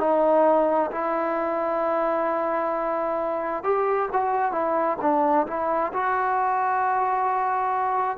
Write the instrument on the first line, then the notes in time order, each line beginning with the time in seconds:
trombone
0.00 D#4
0.92 E4
3.64 G4
4.13 F#4
4.52 E4
5.02 D4
5.47 E4
5.93 F#4